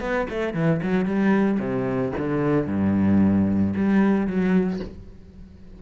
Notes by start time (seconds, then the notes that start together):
0.00 B3
0.29 A3
0.54 E3
0.82 F#3
1.05 G3
1.59 C3
2.18 D3
2.67 G2
3.76 G3
4.27 F#3